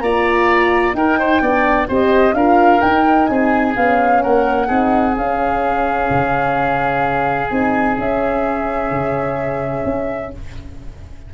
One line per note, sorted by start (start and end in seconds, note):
0.00 0.93 A#3
0.00 0.95 F4
0.00 0.96 D5
0.00 0.94 A#5
0.93 1.40 D#4
0.93 1.42 D#4
0.93 1.19 A#4
0.93 1.88 G5
1.19 1.42 C5
1.41 1.88 B3
1.41 1.88 D4
1.41 1.88 D5
1.88 2.33 C4
1.88 2.35 G4
1.88 2.35 C5
1.88 2.34 D#5
2.33 2.80 D4
2.33 2.82 F4
2.33 3.30 A#4
2.33 2.81 F5
2.81 3.29 D#4
2.81 3.75 D#4
2.81 3.25 G5
3.25 3.76 C4
3.25 4.23 G#4
3.25 3.72 G#5
3.75 4.23 B3
3.75 4.67 C#4
3.75 4.22 F5
4.22 4.69 A#3
4.22 4.67 A#4
4.22 5.16 F#5
4.67 5.16 C4
4.67 5.13 D#4
4.67 10.29 G#4
5.16 6.10 C#4
5.16 7.50 C#4
5.16 7.49 F5
6.10 7.51 C#3
7.49 7.97 C4
7.49 7.97 D#4
7.49 7.96 G#5
7.98 8.90 C#4
7.98 10.33 C#4
7.98 10.34 E5
8.90 9.84 C#3
9.85 10.32 C#4